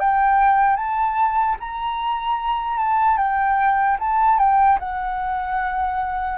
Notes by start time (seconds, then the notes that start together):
0.00 G5
0.76 A5
1.60 A#5
2.78 A5
3.17 G5
4.00 A5
4.39 G5
4.80 F#5